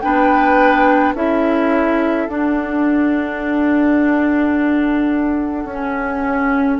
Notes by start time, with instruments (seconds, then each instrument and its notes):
0.00 bassoon B3, clarinet D4, oboe B4, flute G5
1.14 bassoon C#4, clarinet E4, oboe A4, flute E5
2.28 bassoon D4, clarinet D4, flute F#5
5.64 bassoon C#4, clarinet C#4